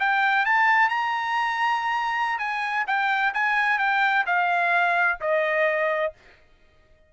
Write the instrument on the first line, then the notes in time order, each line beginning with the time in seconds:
trumpet
0.00 G5
0.46 A5
0.89 A#5
2.39 G#5
2.87 G5
3.34 G#5
3.79 G5
4.27 F5
5.21 D#5